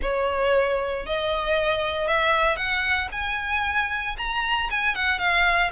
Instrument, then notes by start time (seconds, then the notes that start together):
violin
0.02 C#5
1.06 D#5
2.07 E5
2.56 F#5
3.12 G#5
4.17 A#5
4.70 G#5
4.95 F#5
5.18 F5